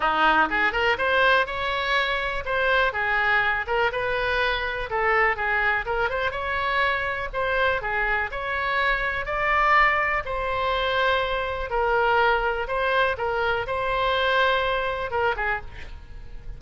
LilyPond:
\new Staff \with { instrumentName = "oboe" } { \time 4/4 \tempo 4 = 123 dis'4 gis'8 ais'8 c''4 cis''4~ | cis''4 c''4 gis'4. ais'8 | b'2 a'4 gis'4 | ais'8 c''8 cis''2 c''4 |
gis'4 cis''2 d''4~ | d''4 c''2. | ais'2 c''4 ais'4 | c''2. ais'8 gis'8 | }